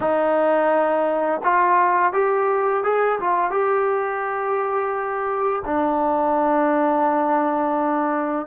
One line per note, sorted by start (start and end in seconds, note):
0.00 1.41 D#4
1.43 2.12 F4
2.12 2.83 G4
2.83 3.19 G#4
3.20 3.51 F4
3.51 5.62 G4
5.65 8.46 D4